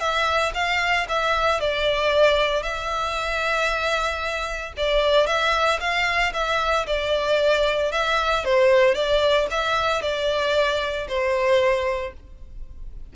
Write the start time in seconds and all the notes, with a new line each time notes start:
0.00 E5
0.55 F5
1.09 E5
1.61 D5
2.63 E5
4.77 D5
5.27 E5
5.80 F5
6.34 E5
6.87 D5
7.92 E5
8.45 C5
8.95 D5
9.51 E5
10.02 D5
11.09 C5